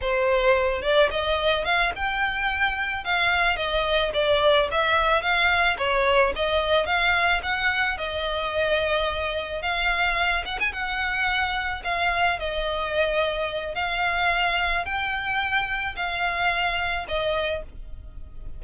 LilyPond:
\new Staff \with { instrumentName = "violin" } { \time 4/4 \tempo 4 = 109 c''4. d''8 dis''4 f''8 g''8~ | g''4. f''4 dis''4 d''8~ | d''8 e''4 f''4 cis''4 dis''8~ | dis''8 f''4 fis''4 dis''4.~ |
dis''4. f''4. fis''16 gis''16 fis''8~ | fis''4. f''4 dis''4.~ | dis''4 f''2 g''4~ | g''4 f''2 dis''4 | }